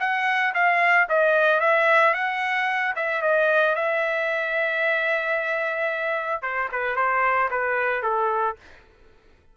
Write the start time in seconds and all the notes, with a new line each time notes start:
0.00 F#5
0.54 F5
1.09 D#5
1.60 E5
2.14 F#5
2.96 E5
3.22 D#5
3.75 E5
6.42 C5
6.72 B4
6.96 C5
7.51 B4
8.03 A4